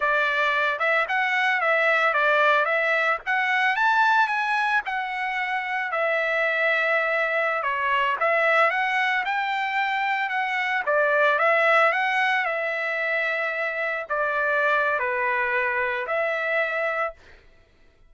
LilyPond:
\new Staff \with { instrumentName = "trumpet" } { \time 4/4 \tempo 4 = 112 d''4. e''8 fis''4 e''4 | d''4 e''4 fis''4 a''4 | gis''4 fis''2 e''4~ | e''2~ e''16 cis''4 e''8.~ |
e''16 fis''4 g''2 fis''8.~ | fis''16 d''4 e''4 fis''4 e''8.~ | e''2~ e''16 d''4.~ d''16 | b'2 e''2 | }